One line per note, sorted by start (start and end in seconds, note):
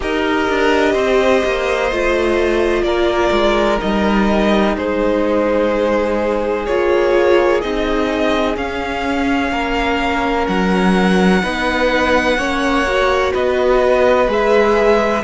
0.00 0.48 D#4
0.00 1.90 G4
0.00 0.92 A#4
0.00 2.83 D#5
0.49 0.94 D4
0.92 1.42 C4
0.92 2.83 C5
1.44 1.91 A#3
1.91 2.82 A3
1.91 3.78 F4
2.82 3.30 A#3
2.82 4.76 A#4
2.82 3.78 D5
3.31 3.78 G#3
3.78 4.76 G3
3.78 6.64 D#4
3.78 4.76 D#5
4.76 6.67 G#3
4.76 9.51 G#4
4.76 6.66 C5
6.66 7.63 A#3
6.66 7.61 F4
6.66 7.61 C#5
7.61 8.56 C4
7.61 8.56 D#4
7.61 8.56 D#5
8.56 9.51 C#4
8.56 11.42 C#4
8.56 10.47 F5
9.51 10.46 A#3
9.51 11.42 A#4
10.47 11.43 F#3
10.47 13.33 F#5
11.42 12.37 B3
11.42 12.38 D#4
11.42 12.37 B4
12.37 13.32 A#3
12.37 12.86 C#4
12.37 13.33 C#5
12.87 14.27 F#4
13.33 14.28 B3
13.33 15.23 B4
13.33 14.29 D#5
14.27 15.23 G#3
14.27 15.22 G#4
14.27 15.24 E5